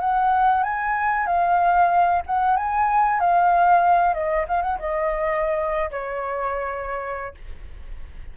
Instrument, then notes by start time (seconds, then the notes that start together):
flute
0.00 F#5
0.63 G#5
1.26 F5
2.26 F#5
2.56 G#5
3.20 F5
4.14 D#5
4.48 F5
4.62 F#5
4.79 D#5
5.91 C#5